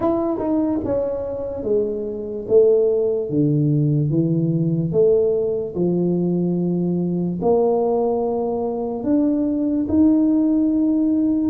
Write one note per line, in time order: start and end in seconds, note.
0.00 0.38 E4
0.38 0.80 D#4
0.84 1.63 C#4
1.63 2.45 G#3
2.47 3.29 A3
3.29 4.09 D3
4.09 4.92 E3
4.92 5.74 A3
5.75 7.39 F3
7.41 9.03 A#3
9.03 9.86 D4
9.88 11.50 D#4